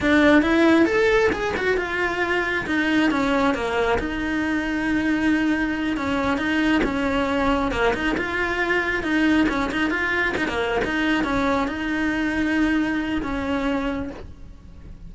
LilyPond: \new Staff \with { instrumentName = "cello" } { \time 4/4 \tempo 4 = 136 d'4 e'4 a'4 gis'8 fis'8 | f'2 dis'4 cis'4 | ais4 dis'2.~ | dis'4. cis'4 dis'4 cis'8~ |
cis'4. ais8 dis'8 f'4.~ | f'8 dis'4 cis'8 dis'8 f'4 dis'16 ais16~ | ais8 dis'4 cis'4 dis'4.~ | dis'2 cis'2 | }